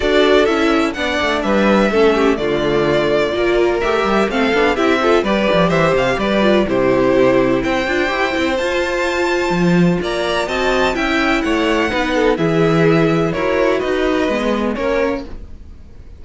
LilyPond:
<<
  \new Staff \with { instrumentName = "violin" } { \time 4/4 \tempo 4 = 126 d''4 e''4 fis''4 e''4~ | e''4 d''2. | e''4 f''4 e''4 d''4 | e''8 f''8 d''4 c''2 |
g''2 a''2~ | a''4 ais''4 a''4 g''4 | fis''2 e''2 | cis''4 dis''2 cis''4 | }
  \new Staff \with { instrumentName = "violin" } { \time 4/4 a'2 d''4 b'4 | a'8 g'8 f'2 ais'4~ | ais'4 a'4 g'8 a'8 b'4 | c''4 b'4 g'2 |
c''1~ | c''4 d''4 dis''4 e''4 | cis''4 b'8 a'8 gis'2 | ais'4 b'2 ais'4 | }
  \new Staff \with { instrumentName = "viola" } { \time 4/4 fis'4 e'4 d'2 | cis'4 a2 f'4 | g'4 c'8 d'8 e'8 f'8 g'4~ | g'4. f'8 e'2~ |
e'8 f'8 g'8 e'8 f'2~ | f'2 fis'4 e'4~ | e'4 dis'4 e'2 | fis'2 b4 cis'4 | }
  \new Staff \with { instrumentName = "cello" } { \time 4/4 d'4 cis'4 b8 a8 g4 | a4 d2 ais4 | a8 g8 a8 b8 c'4 g8 f8 | e8 c8 g4 c2 |
c'8 d'8 e'8 c'8 f'2 | f4 ais4 c'4 cis'4 | a4 b4 e2 | e'4 dis'4 gis4 ais4 | }
>>